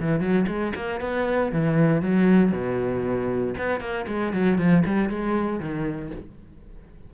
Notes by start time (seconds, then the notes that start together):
0.00 E3
0.21 F#3
0.47 G#3
0.76 A#3
1.01 B3
1.52 E3
2.02 F#3
2.52 B2
3.58 B3
3.80 A#3
4.07 G#3
4.33 F#3
4.59 F3
4.86 G3
5.09 G#3
5.60 D#3